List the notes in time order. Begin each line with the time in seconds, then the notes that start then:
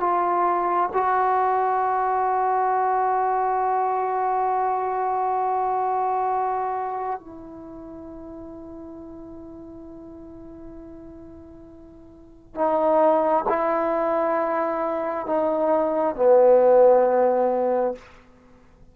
0.00 F4
0.93 F#4
7.19 E4
12.55 D#4
13.49 E4
15.26 D#4
16.16 B3